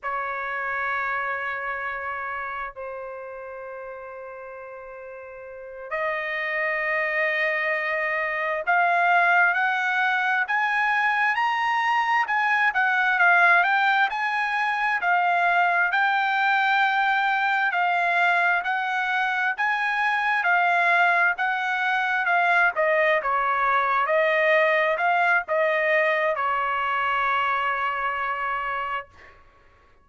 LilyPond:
\new Staff \with { instrumentName = "trumpet" } { \time 4/4 \tempo 4 = 66 cis''2. c''4~ | c''2~ c''8 dis''4.~ | dis''4. f''4 fis''4 gis''8~ | gis''8 ais''4 gis''8 fis''8 f''8 g''8 gis''8~ |
gis''8 f''4 g''2 f''8~ | f''8 fis''4 gis''4 f''4 fis''8~ | fis''8 f''8 dis''8 cis''4 dis''4 f''8 | dis''4 cis''2. | }